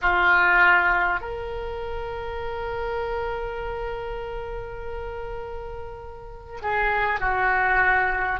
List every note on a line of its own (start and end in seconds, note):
0.01 1.20 F4
1.20 6.60 A#4
6.62 7.19 G#4
7.19 8.39 F#4